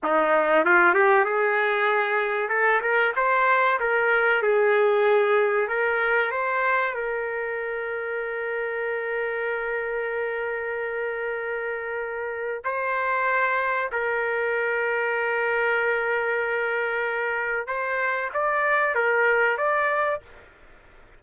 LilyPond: \new Staff \with { instrumentName = "trumpet" } { \time 4/4 \tempo 4 = 95 dis'4 f'8 g'8 gis'2 | a'8 ais'8 c''4 ais'4 gis'4~ | gis'4 ais'4 c''4 ais'4~ | ais'1~ |
ais'1 | c''2 ais'2~ | ais'1 | c''4 d''4 ais'4 d''4 | }